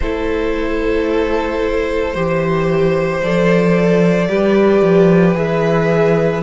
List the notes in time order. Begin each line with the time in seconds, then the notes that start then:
0.00 A3 E4 A4 C5
2.13 E3 G4 C5
3.22 F3 A4 D5
4.28 G3 G4 B4
4.81 F3
5.34 E3 G#4 E5